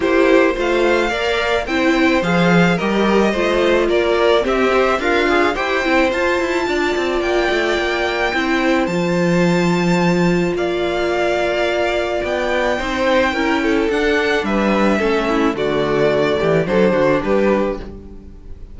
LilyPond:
<<
  \new Staff \with { instrumentName = "violin" } { \time 4/4 \tempo 4 = 108 c''4 f''2 g''4 | f''4 dis''2 d''4 | e''4 f''4 g''4 a''4~ | a''4 g''2. |
a''2. f''4~ | f''2 g''2~ | g''4 fis''4 e''2 | d''2 c''4 b'4 | }
  \new Staff \with { instrumentName = "violin" } { \time 4/4 g'4 c''4 d''4 c''4~ | c''4 ais'4 c''4 ais'4 | g'4 f'4 c''2 | d''2. c''4~ |
c''2. d''4~ | d''2. c''4 | ais'8 a'4. b'4 a'8 e'8 | fis'4. g'8 a'8 fis'8 g'4 | }
  \new Staff \with { instrumentName = "viola" } { \time 4/4 e'4 f'4 ais'4 e'4 | gis'4 g'4 f'2 | c'8 c''8 ais'8 gis'8 g'8 e'8 f'4~ | f'2. e'4 |
f'1~ | f'2. dis'4 | e'4 d'2 cis'4 | a2 d'2 | }
  \new Staff \with { instrumentName = "cello" } { \time 4/4 ais4 a4 ais4 c'4 | f4 g4 a4 ais4 | c'4 d'4 e'8 c'8 f'8 e'8 | d'8 c'8 ais8 a8 ais4 c'4 |
f2. ais4~ | ais2 b4 c'4 | cis'4 d'4 g4 a4 | d4. e8 fis8 d8 g4 | }
>>